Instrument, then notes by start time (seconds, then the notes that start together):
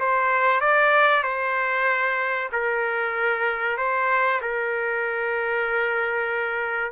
trumpet
0.00 C5
0.61 D5
1.23 C5
2.52 A#4
3.78 C5
4.42 A#4